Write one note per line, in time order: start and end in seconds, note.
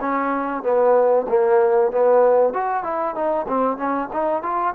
0.00 0.63 C#4
0.63 1.26 B3
1.28 1.91 A#3
1.91 2.53 B3
2.53 2.83 F#4
2.83 3.14 E4
3.14 3.46 D#4
3.47 3.77 C4
3.77 4.09 C#4
4.12 4.42 D#4
4.42 4.74 F4